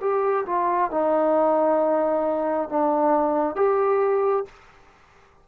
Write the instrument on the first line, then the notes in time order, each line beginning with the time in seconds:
trombone
0.00 G4
0.46 F4
0.90 D#4
2.69 D4
3.55 G4